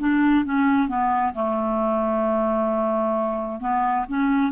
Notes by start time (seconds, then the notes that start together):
0.00 D4
0.45 C#4
0.89 B3
1.34 A3
3.61 B3
4.09 C#4